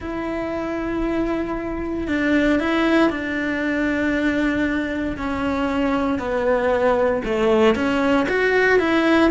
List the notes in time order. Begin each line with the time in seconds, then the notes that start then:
0.00 E4
2.07 D4
2.59 E4
3.10 D4
5.17 C#4
6.18 B3
7.24 A3
7.75 C#4
8.29 F#4
8.79 E4